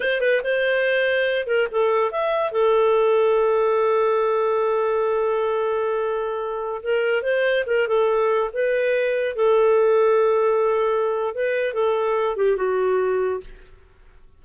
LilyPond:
\new Staff \with { instrumentName = "clarinet" } { \time 4/4 \tempo 4 = 143 c''8 b'8 c''2~ c''8 ais'8 | a'4 e''4 a'2~ | a'1~ | a'1~ |
a'16 ais'4 c''4 ais'8 a'4~ a'16~ | a'16 b'2 a'4.~ a'16~ | a'2. b'4 | a'4. g'8 fis'2 | }